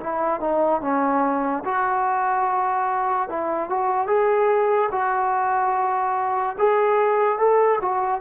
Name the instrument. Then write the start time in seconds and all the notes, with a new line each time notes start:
trombone
0.00 E4
0.41 D#4
0.81 C#4
1.65 F#4
3.30 E4
3.70 F#4
4.08 G#4
4.92 F#4
6.59 G#4
7.39 A4
7.82 F#4